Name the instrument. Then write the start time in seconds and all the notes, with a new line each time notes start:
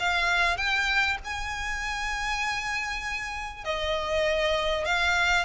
violin
0.00 F5
0.58 G5
1.25 G#5
3.65 D#5
4.86 F5